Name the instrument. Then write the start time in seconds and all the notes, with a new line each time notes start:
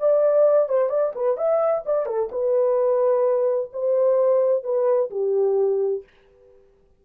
horn
0.00 D5
0.69 C5
0.90 D5
1.16 B4
1.38 E5
1.86 D5
2.06 A4
2.32 B4
3.73 C5
4.64 B4
5.11 G4